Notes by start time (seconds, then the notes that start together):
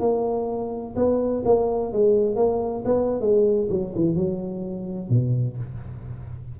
0.00 A#3
0.96 B3
1.45 A#3
1.93 G#3
2.36 A#3
2.85 B3
3.21 G#3
3.70 F#3
3.95 E3
4.16 F#3
5.09 B2